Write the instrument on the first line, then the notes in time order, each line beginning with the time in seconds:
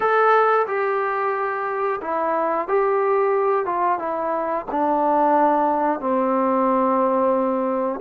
trombone
0.00 A4
0.67 G4
2.01 E4
2.68 G4
3.65 F4
3.98 E4
4.71 D4
6.00 C4